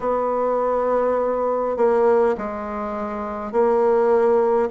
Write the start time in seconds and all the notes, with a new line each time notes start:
0.00 B3
1.76 A#3
2.37 G#3
3.51 A#3